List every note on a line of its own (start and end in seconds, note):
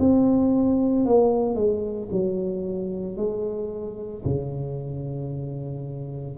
0.00 1.06 C4
1.06 1.56 A#3
1.56 2.09 G#3
2.12 3.17 F#3
3.17 4.24 G#3
4.25 6.38 C#3